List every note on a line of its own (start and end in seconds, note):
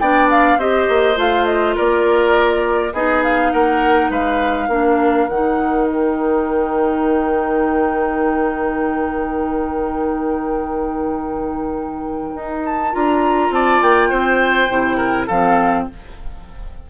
0.00 0.57 B3
0.00 0.59 D4
0.00 0.59 D5
0.00 0.29 G5
0.31 0.60 F5
0.57 0.87 C4
0.57 1.15 G4
0.57 1.75 C5
0.57 1.19 D#5
0.89 1.17 A#3
1.15 1.76 A3
1.15 2.92 F4
1.15 1.46 F5
1.46 1.75 D#5
1.75 2.93 A#3
1.75 2.93 A#4
1.75 2.94 D5
2.93 3.52 B3
2.93 4.70 D#4
2.93 3.52 G#4
2.93 3.23 D#5
3.24 3.52 F5
3.52 4.10 A#3
3.52 4.11 A#4
3.52 4.11 F#5
4.10 4.68 G#3
4.10 4.68 B4
4.10 5.29 F5
4.68 5.27 A#3
4.68 5.29 D4
4.68 13.51 A#4
5.29 12.35 D#3
5.29 12.93 D#4
5.29 5.87 F#5
5.87 12.63 G5
12.35 12.94 D#4
12.65 12.94 A5
12.93 13.50 D4
12.93 14.69 F4
12.93 13.53 A#5
13.50 13.80 C4
13.50 14.09 D5
13.50 13.82 A5
13.82 14.11 A#3
13.82 15.28 G5
14.09 14.69 C4
14.09 14.97 C5
14.69 15.27 C3
14.69 15.29 E4
14.97 15.27 A#4
15.27 15.88 F3
15.27 15.90 C4
15.27 15.86 A4
15.27 15.87 F5